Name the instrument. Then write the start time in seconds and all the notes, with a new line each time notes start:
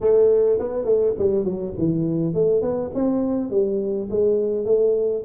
tuba
0.01 A3
0.59 B3
0.84 A3
1.18 G3
1.44 F#3
1.77 E3
2.34 A3
2.61 B3
2.94 C4
3.50 G3
4.10 G#3
4.65 A3